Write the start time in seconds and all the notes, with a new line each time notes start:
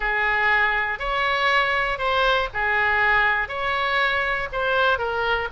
0.00 G#4
0.99 C#5
1.98 C5
2.53 G#4
3.48 C#5
4.52 C5
4.98 A#4